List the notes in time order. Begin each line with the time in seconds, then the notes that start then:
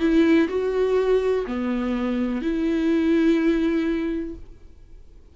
0.00 E4
0.48 F#4
1.47 B3
2.42 E4